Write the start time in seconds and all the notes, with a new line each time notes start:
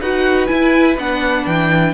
0.00 D#4 F#4 B4 F#5
0.47 E4 G#5
0.98 B3 D4 F#5
1.46 E3 G5